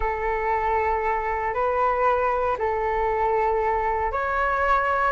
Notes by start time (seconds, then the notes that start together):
0.00 A4
1.54 B4
2.58 A4
4.12 C#5